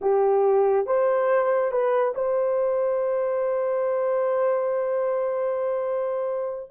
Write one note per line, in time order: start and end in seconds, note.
0.01 0.86 G4
0.86 1.71 C5
1.71 2.14 B4
2.14 6.70 C5